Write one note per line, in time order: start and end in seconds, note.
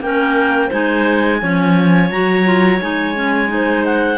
0.00 0.70 A#3
0.00 0.70 C#4
0.00 0.67 A#4
0.00 0.71 G5
0.67 1.42 G#3
0.67 1.40 D#4
0.67 1.36 C5
0.67 2.11 G#5
1.40 2.11 F3
1.40 2.10 C#4
1.40 3.51 C#5
2.11 2.80 F#3
2.11 2.44 F#4
2.11 2.81 A#5
2.44 2.79 F4
2.80 4.17 G#3
2.80 3.14 D#4
2.80 3.85 G#5
3.14 3.47 C#4
3.47 4.17 D#4
3.53 4.17 C5
3.85 4.17 F#5